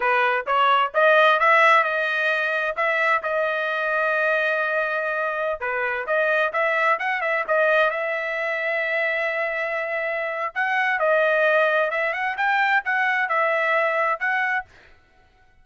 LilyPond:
\new Staff \with { instrumentName = "trumpet" } { \time 4/4 \tempo 4 = 131 b'4 cis''4 dis''4 e''4 | dis''2 e''4 dis''4~ | dis''1~ | dis''16 b'4 dis''4 e''4 fis''8 e''16~ |
e''16 dis''4 e''2~ e''8.~ | e''2. fis''4 | dis''2 e''8 fis''8 g''4 | fis''4 e''2 fis''4 | }